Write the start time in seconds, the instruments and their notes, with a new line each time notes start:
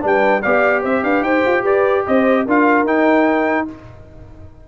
0.00 tuba G3, trombone D4, horn B4
0.06 trumpet G5
0.41 tuba B3, trombone G4, horn D5, trumpet F5
0.82 tuba C4, horn C5, trumpet E5
1.03 tuba D4, horn B4, trumpet F5
1.21 tuba D#4, horn C5, trumpet G5
1.46 tuba F4
1.63 tuba G4, horn B4, trumpet D5
2.06 tuba C4, horn C5, trumpet D#5
2.45 tuba D4, trombone F4, horn A#4, trumpet F5
2.84 tuba D#4, trombone D#4, trumpet G5